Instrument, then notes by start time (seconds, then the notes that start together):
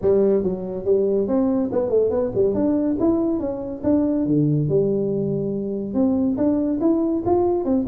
tuba
0.01 G3
0.43 F#3
0.85 G3
1.27 C4
1.72 B3
1.89 A3
2.10 B3
2.35 G3
2.54 D4
2.99 E4
3.39 C#4
3.83 D4
4.26 D3
4.68 G3
5.94 C4
6.37 D4
6.80 E4
7.25 F4
7.64 C4